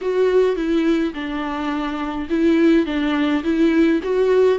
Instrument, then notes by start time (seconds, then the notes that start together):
viola
0.01 F#4
0.56 E4
1.14 D4
2.29 E4
2.86 D4
3.43 E4
4.03 F#4